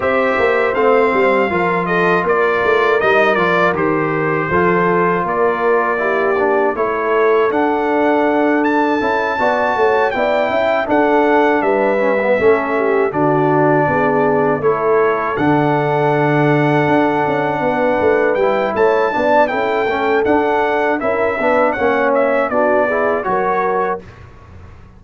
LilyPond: <<
  \new Staff \with { instrumentName = "trumpet" } { \time 4/4 \tempo 4 = 80 e''4 f''4. dis''8 d''4 | dis''8 d''8 c''2 d''4~ | d''4 cis''4 fis''4. a''8~ | a''4. g''4 fis''4 e''8~ |
e''4. d''2 cis''8~ | cis''8 fis''2.~ fis''8~ | fis''8 g''8 a''4 g''4 fis''4 | e''4 fis''8 e''8 d''4 cis''4 | }
  \new Staff \with { instrumentName = "horn" } { \time 4/4 c''2 ais'8 a'8 ais'4~ | ais'2 a'4 ais'4 | g'4 a'2.~ | a'8 d''8 cis''8 d''8 e''8 a'4 b'8~ |
b'8 a'8 g'8 fis'4 gis'4 a'8~ | a'2.~ a'8 b'8~ | b'4 cis''8 d''8 a'2 | ais'8 b'8 cis''4 fis'8 gis'8 ais'4 | }
  \new Staff \with { instrumentName = "trombone" } { \time 4/4 g'4 c'4 f'2 | dis'8 f'8 g'4 f'2 | e'8 d'8 e'4 d'2 | e'8 fis'4 e'4 d'4. |
cis'16 b16 cis'4 d'2 e'8~ | e'8 d'2.~ d'8~ | d'8 e'4 d'8 e'8 cis'8 d'4 | e'8 d'8 cis'4 d'8 e'8 fis'4 | }
  \new Staff \with { instrumentName = "tuba" } { \time 4/4 c'8 ais8 a8 g8 f4 ais8 a8 | g8 f8 dis4 f4 ais4~ | ais4 a4 d'2 | cis'8 b8 a8 b8 cis'8 d'4 g8~ |
g8 a4 d4 b4 a8~ | a8 d2 d'8 cis'8 b8 | a8 g8 a8 b8 cis'8 a8 d'4 | cis'8 b8 ais4 b4 fis4 | }
>>